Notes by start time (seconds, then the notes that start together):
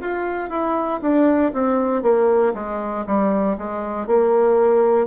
0.00 F4
0.49 E4
1.01 D4
1.53 C4
2.02 A#3
2.54 G#3
3.06 G3
3.57 G#3
4.06 A#3